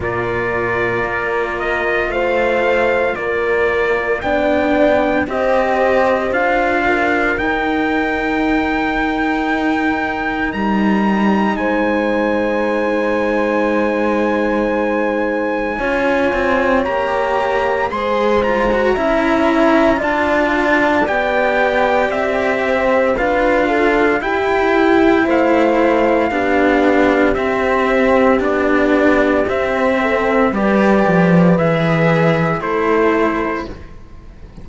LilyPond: <<
  \new Staff \with { instrumentName = "trumpet" } { \time 4/4 \tempo 4 = 57 d''4. dis''8 f''4 d''4 | g''4 dis''4 f''4 g''4~ | g''2 ais''4 gis''4~ | gis''1 |
ais''4 c'''8 ais''4. a''4 | g''4 e''4 f''4 g''4 | f''2 e''4 d''4 | e''4 d''4 e''4 c''4 | }
  \new Staff \with { instrumentName = "horn" } { \time 4/4 ais'2 c''4 ais'4 | d''4 c''4. ais'4.~ | ais'2. c''4~ | c''2. cis''4~ |
cis''4 c''4 e''4 d''4~ | d''4. c''8 b'8 a'8 g'4 | c''4 g'2.~ | g'8 a'8 b'2 a'4 | }
  \new Staff \with { instrumentName = "cello" } { \time 4/4 f'1 | d'4 g'4 f'4 dis'4~ | dis'1~ | dis'2. f'4 |
g'4 gis'8 f'16 fis'16 e'4 f'4 | g'2 f'4 e'4~ | e'4 d'4 c'4 d'4 | c'4 g'4 gis'4 e'4 | }
  \new Staff \with { instrumentName = "cello" } { \time 4/4 ais,4 ais4 a4 ais4 | b4 c'4 d'4 dis'4~ | dis'2 g4 gis4~ | gis2. cis'8 c'8 |
ais4 gis4 cis'4 d'4 | b4 c'4 d'4 e'4 | a4 b4 c'4 b4 | c'4 g8 f8 e4 a4 | }
>>